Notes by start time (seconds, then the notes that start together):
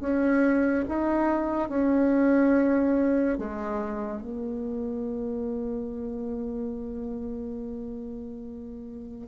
0.00 C#4
0.88 D#4
1.69 C#4
3.38 G#3
4.21 A#3